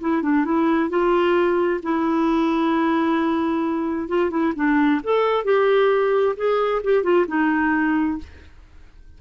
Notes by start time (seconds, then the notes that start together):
0.00 E4
0.22 D4
0.44 E4
0.89 F4
1.82 E4
4.08 F4
4.30 E4
4.55 D4
5.03 A4
5.44 G4
6.36 G#4
6.83 G4
7.03 F4
7.27 D#4